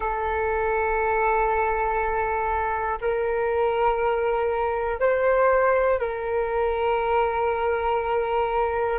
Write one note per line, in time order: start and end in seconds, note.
0.00 2.99 A4
3.01 4.99 A#4
4.99 5.99 C5
5.99 8.99 A#4